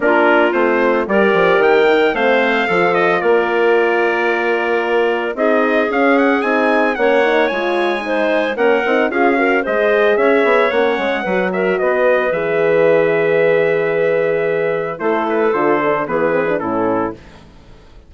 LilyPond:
<<
  \new Staff \with { instrumentName = "trumpet" } { \time 4/4 \tempo 4 = 112 ais'4 c''4 d''4 g''4 | f''4. dis''8 d''2~ | d''2 dis''4 f''8 fis''8 | gis''4 fis''4 gis''2 |
fis''4 f''4 dis''4 e''4 | fis''4. e''8 dis''4 e''4~ | e''1 | c''8 b'8 c''4 b'4 a'4 | }
  \new Staff \with { instrumentName = "clarinet" } { \time 4/4 f'2 ais'2 | c''4 a'4 ais'2~ | ais'2 gis'2~ | gis'4 cis''2 c''4 |
ais'4 gis'8 ais'8 c''4 cis''4~ | cis''4 b'8 ais'8 b'2~ | b'1 | a'2 gis'4 e'4 | }
  \new Staff \with { instrumentName = "horn" } { \time 4/4 d'4 c'4 g'4. dis'8 | c'4 f'2.~ | f'2 dis'4 cis'4 | dis'4 cis'8 dis'8 f'4 dis'4 |
cis'8 dis'8 f'8 fis'8 gis'2 | cis'4 fis'2 gis'4~ | gis'1 | e'4 f'8 d'8 b8 c'16 d'16 cis'4 | }
  \new Staff \with { instrumentName = "bassoon" } { \time 4/4 ais4 a4 g8 f8 dis4 | a4 f4 ais2~ | ais2 c'4 cis'4 | c'4 ais4 gis2 |
ais8 c'8 cis'4 gis4 cis'8 b8 | ais8 gis8 fis4 b4 e4~ | e1 | a4 d4 e4 a,4 | }
>>